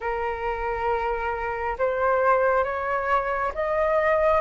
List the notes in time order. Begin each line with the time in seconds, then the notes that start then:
0.00 A#4
1.78 C5
2.64 C#5
3.54 D#5